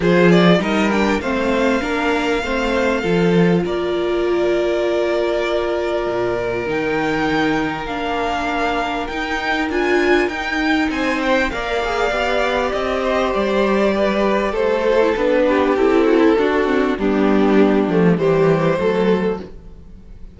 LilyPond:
<<
  \new Staff \with { instrumentName = "violin" } { \time 4/4 \tempo 4 = 99 c''8 d''8 dis''8 g''8 f''2~ | f''2 d''2~ | d''2. g''4~ | g''4 f''2 g''4 |
gis''4 g''4 gis''8 g''8 f''4~ | f''4 dis''4 d''2 | c''4 b'4 a'2 | g'2 c''2 | }
  \new Staff \with { instrumentName = "violin" } { \time 4/4 gis'4 ais'4 c''4 ais'4 | c''4 a'4 ais'2~ | ais'1~ | ais'1~ |
ais'2 c''4 d''4~ | d''4. c''4. b'4 | a'4. g'4 fis'16 e'16 fis'4 | d'2 g'4 a'4 | }
  \new Staff \with { instrumentName = "viola" } { \time 4/4 f'4 dis'8 d'8 c'4 d'4 | c'4 f'2.~ | f'2. dis'4~ | dis'4 d'2 dis'4 |
f'4 dis'2 ais'8 gis'8 | g'1~ | g'8 fis'16 e'16 d'4 e'4 d'8 c'8 | b4. a8 g4 a4 | }
  \new Staff \with { instrumentName = "cello" } { \time 4/4 f4 g4 a4 ais4 | a4 f4 ais2~ | ais2 ais,4 dis4~ | dis4 ais2 dis'4 |
d'4 dis'4 c'4 ais4 | b4 c'4 g2 | a4 b4 c'4 d'4 | g4. f8 e4 fis4 | }
>>